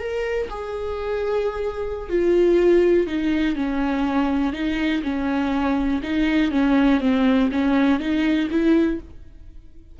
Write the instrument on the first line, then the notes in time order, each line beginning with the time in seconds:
viola
0.00 A#4
0.50 G#4
2.10 F4
3.07 D#4
3.56 C#4
4.53 D#4
5.03 C#4
6.03 D#4
6.51 C#4
7.01 C4
7.52 C#4
8.00 D#4
8.51 E4